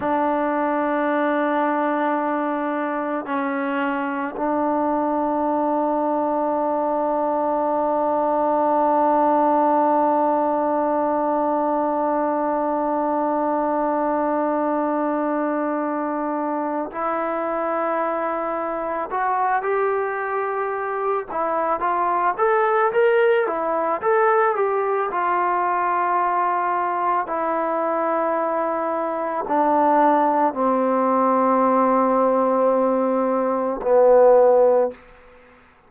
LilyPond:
\new Staff \with { instrumentName = "trombone" } { \time 4/4 \tempo 4 = 55 d'2. cis'4 | d'1~ | d'1~ | d'2.~ d'8 e'8~ |
e'4. fis'8 g'4. e'8 | f'8 a'8 ais'8 e'8 a'8 g'8 f'4~ | f'4 e'2 d'4 | c'2. b4 | }